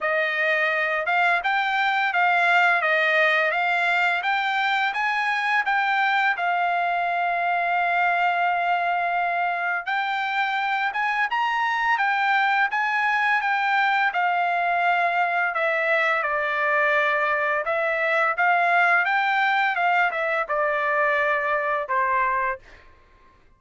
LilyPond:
\new Staff \with { instrumentName = "trumpet" } { \time 4/4 \tempo 4 = 85 dis''4. f''8 g''4 f''4 | dis''4 f''4 g''4 gis''4 | g''4 f''2.~ | f''2 g''4. gis''8 |
ais''4 g''4 gis''4 g''4 | f''2 e''4 d''4~ | d''4 e''4 f''4 g''4 | f''8 e''8 d''2 c''4 | }